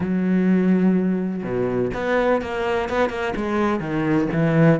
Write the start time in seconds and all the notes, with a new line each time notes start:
0.00 F#3
1.43 B2
1.94 B3
2.41 A#3
2.89 B3
3.09 A#3
3.36 G#3
3.79 D#3
4.32 E3